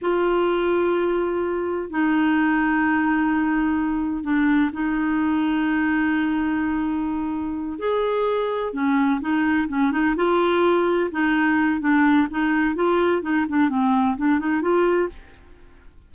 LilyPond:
\new Staff \with { instrumentName = "clarinet" } { \time 4/4 \tempo 4 = 127 f'1 | dis'1~ | dis'4 d'4 dis'2~ | dis'1~ |
dis'8 gis'2 cis'4 dis'8~ | dis'8 cis'8 dis'8 f'2 dis'8~ | dis'4 d'4 dis'4 f'4 | dis'8 d'8 c'4 d'8 dis'8 f'4 | }